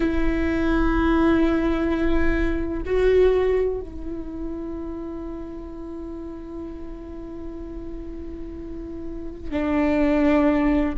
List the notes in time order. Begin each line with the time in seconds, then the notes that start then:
0.00 E4
2.85 F#4
3.81 E4
9.52 D4